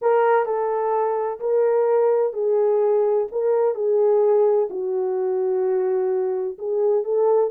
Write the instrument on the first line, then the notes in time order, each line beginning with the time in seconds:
horn
0.01 A#4
0.45 A4
1.40 A#4
2.33 G#4
3.31 A#4
3.74 G#4
4.70 F#4
6.58 G#4
7.04 A4